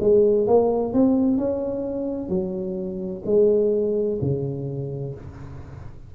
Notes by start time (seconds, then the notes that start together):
0.00 G#3
0.46 A#3
0.93 C4
1.38 C#4
2.28 F#3
3.26 G#3
4.21 C#3